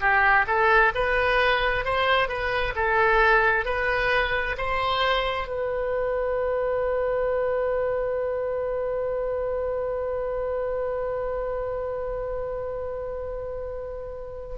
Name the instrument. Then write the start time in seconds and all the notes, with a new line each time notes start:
oboe
0.00 G4
0.47 A4
0.95 B4
1.84 C5
2.28 B4
2.75 A4
3.65 B4
4.57 C5
5.47 B4